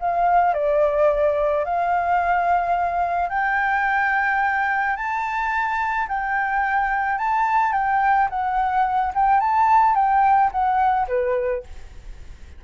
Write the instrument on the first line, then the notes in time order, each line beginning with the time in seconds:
flute
0.00 F5
0.54 D5
1.65 F5
3.30 G5
4.96 A5
6.08 G5
7.18 A5
7.73 G5
8.30 F#5
9.15 G5
9.41 A5
9.95 G5
10.52 F#5
11.08 B4